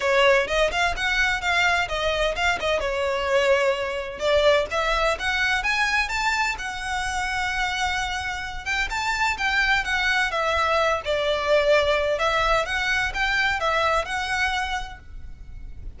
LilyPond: \new Staff \with { instrumentName = "violin" } { \time 4/4 \tempo 4 = 128 cis''4 dis''8 f''8 fis''4 f''4 | dis''4 f''8 dis''8 cis''2~ | cis''4 d''4 e''4 fis''4 | gis''4 a''4 fis''2~ |
fis''2~ fis''8 g''8 a''4 | g''4 fis''4 e''4. d''8~ | d''2 e''4 fis''4 | g''4 e''4 fis''2 | }